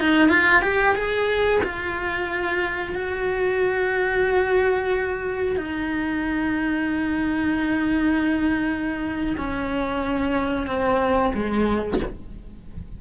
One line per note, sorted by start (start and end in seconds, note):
0.00 0.29 D#4
0.29 0.62 F4
0.62 0.95 G4
0.95 1.61 G#4
1.63 2.94 F4
2.94 5.57 F#4
5.57 9.36 D#4
9.37 10.66 C#4
10.66 11.32 C4
11.34 12.00 G#3